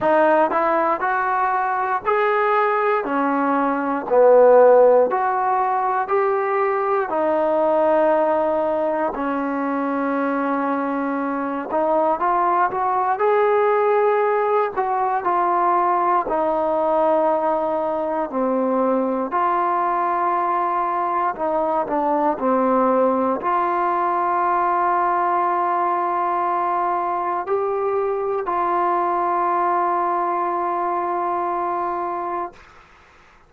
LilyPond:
\new Staff \with { instrumentName = "trombone" } { \time 4/4 \tempo 4 = 59 dis'8 e'8 fis'4 gis'4 cis'4 | b4 fis'4 g'4 dis'4~ | dis'4 cis'2~ cis'8 dis'8 | f'8 fis'8 gis'4. fis'8 f'4 |
dis'2 c'4 f'4~ | f'4 dis'8 d'8 c'4 f'4~ | f'2. g'4 | f'1 | }